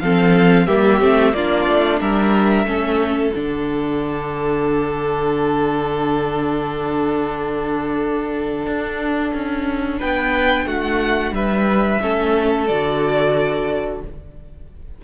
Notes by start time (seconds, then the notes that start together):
0.00 F3 C4 A4 F5
0.66 G3 A#3 G4 E5
1.00 A3 C4
1.33 A#3 D4 F4 D5
1.67 A3
2.01 G3 A#4 E5
2.64 A3 C#4 A4
3.33 D3 D4 F#5
8.66 D4
9.34 C#4
9.99 B3 B4 G5
10.66 A3 F#4 F#5
11.32 G3 B4 E5
12.01 A3 C#4 A4
12.67 D3 F#4 D5